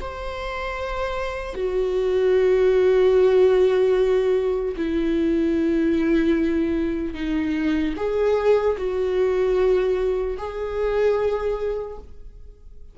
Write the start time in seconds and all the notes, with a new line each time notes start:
0.00 C5
1.55 F#4
4.76 E4
7.14 D#4
7.96 G#4
8.77 F#4
10.37 G#4